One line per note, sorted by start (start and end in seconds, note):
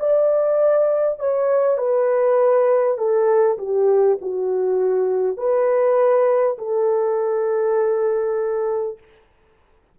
0.00 1.19 D5
1.19 1.78 C#5
1.78 2.98 B4
2.98 3.58 A4
3.58 4.18 G4
4.22 5.38 F#4
5.38 6.58 B4
6.59 8.99 A4